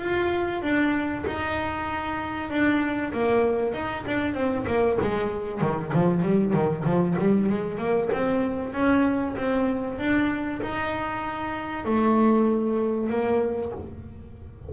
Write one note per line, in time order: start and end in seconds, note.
0.00 0.62 F4
0.62 1.25 D4
1.26 2.50 D#4
2.50 3.13 D4
3.13 3.74 A#3
3.74 4.05 D#4
4.07 4.34 D4
4.34 4.66 C4
4.67 4.99 A#3
5.02 5.61 G#3
5.61 5.93 D#3
5.94 6.23 F3
6.23 6.53 G3
6.53 6.85 D#3
6.85 7.16 F3
7.19 7.49 G3
7.49 7.78 G#3
7.78 8.09 A#3
8.13 8.73 C4
8.73 9.36 C#4
9.37 9.99 C4
9.99 10.61 D4
10.62 11.85 D#4
11.85 13.09 A3
13.09 13.72 A#3